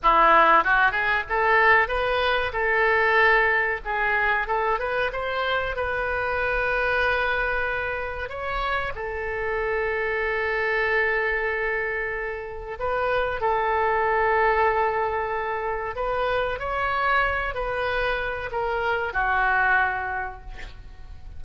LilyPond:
\new Staff \with { instrumentName = "oboe" } { \time 4/4 \tempo 4 = 94 e'4 fis'8 gis'8 a'4 b'4 | a'2 gis'4 a'8 b'8 | c''4 b'2.~ | b'4 cis''4 a'2~ |
a'1 | b'4 a'2.~ | a'4 b'4 cis''4. b'8~ | b'4 ais'4 fis'2 | }